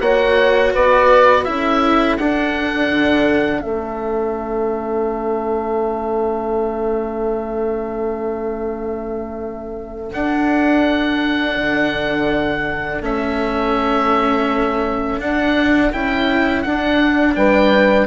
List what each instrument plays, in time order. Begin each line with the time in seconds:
0.00 bassoon A#3, cello F#4, horn C#5, oboe F#5
0.74 bassoon B3, horn B4, oboe D5
1.44 bassoon C#4, cello E4, horn A4, oboe E5
2.17 bassoon D4, cello D4, oboe F#5
2.90 bassoon D3
3.61 bassoon A3, cello C#4, oboe E5
10.12 bassoon D4, cello D4, oboe F#5
11.57 bassoon D3
13.01 bassoon A3, cello C#4, oboe E5
15.19 cello D4, bassoon D4, oboe F#5
15.92 bassoon C#4, cello E4, oboe G5
16.62 cello D4, bassoon D4, oboe F#5
17.35 bassoon G3, horn B4, oboe G5